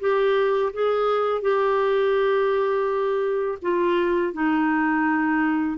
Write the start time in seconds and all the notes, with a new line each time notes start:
0.00 G4
0.73 G#4
1.42 G4
3.62 F4
4.33 D#4